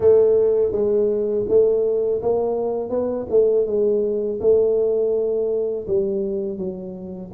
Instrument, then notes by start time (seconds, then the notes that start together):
tuba
0.00 A3
0.72 G#3
1.48 A3
2.22 A#3
2.89 B3
3.30 A3
3.66 G#3
4.40 A3
5.87 G3
6.57 F#3